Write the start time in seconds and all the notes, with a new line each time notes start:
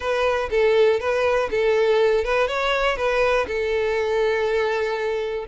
0.00 B4
0.50 A4
1.00 B4
1.50 A4
2.24 B4
2.47 C#5
2.96 B4
3.47 A4